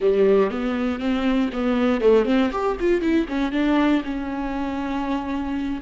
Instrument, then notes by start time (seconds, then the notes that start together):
viola
0.00 G3
0.50 B3
0.99 C4
1.52 B3
2.00 A3
2.25 C4
2.51 G4
2.79 F4
3.01 E4
3.28 C#4
3.52 D4
4.04 C#4